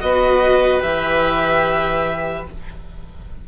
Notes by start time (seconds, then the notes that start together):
0.00 B3 F#4 B4 D#5
0.81 E3 G4 E5